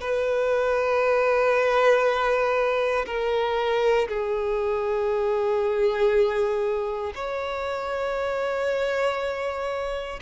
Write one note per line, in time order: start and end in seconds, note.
0.00 3.05 B4
3.06 4.08 A#4
4.08 7.13 G#4
7.15 10.20 C#5